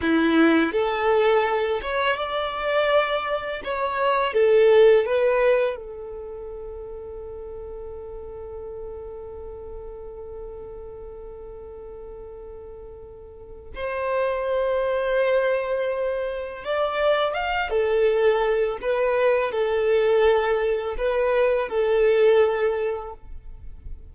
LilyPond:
\new Staff \with { instrumentName = "violin" } { \time 4/4 \tempo 4 = 83 e'4 a'4. cis''8 d''4~ | d''4 cis''4 a'4 b'4 | a'1~ | a'1~ |
a'2. c''4~ | c''2. d''4 | f''8 a'4. b'4 a'4~ | a'4 b'4 a'2 | }